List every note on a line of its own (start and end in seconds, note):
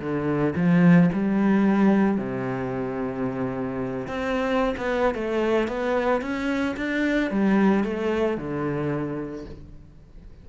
0.00 0.54 D3
0.56 1.10 F3
1.13 2.17 G3
2.17 4.07 C3
4.07 4.75 C4
4.77 5.14 B3
5.14 5.67 A3
5.67 6.21 B3
6.21 6.75 C#4
6.76 7.30 D4
7.30 7.83 G3
7.83 8.37 A3
8.37 9.45 D3